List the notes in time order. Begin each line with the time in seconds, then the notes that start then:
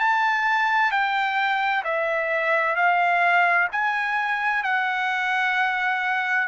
0.00 A5
0.91 G5
1.84 E5
2.76 F5
3.72 G#5
4.63 F#5